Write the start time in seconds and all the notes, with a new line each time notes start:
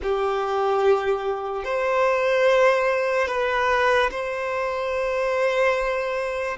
0.02 G4
1.64 C5
3.27 B4
4.11 C5